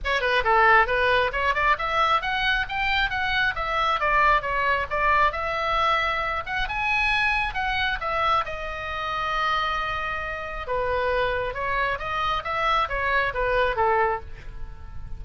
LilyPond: \new Staff \with { instrumentName = "oboe" } { \time 4/4 \tempo 4 = 135 cis''8 b'8 a'4 b'4 cis''8 d''8 | e''4 fis''4 g''4 fis''4 | e''4 d''4 cis''4 d''4 | e''2~ e''8 fis''8 gis''4~ |
gis''4 fis''4 e''4 dis''4~ | dis''1 | b'2 cis''4 dis''4 | e''4 cis''4 b'4 a'4 | }